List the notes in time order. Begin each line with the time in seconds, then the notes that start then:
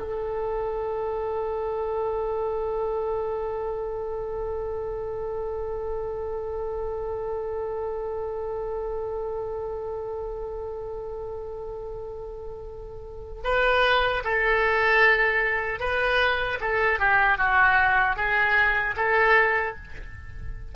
0.00 A4
13.45 B4
14.25 A4
15.80 B4
16.61 A4
17.00 G4
17.38 F#4
18.17 G#4
18.97 A4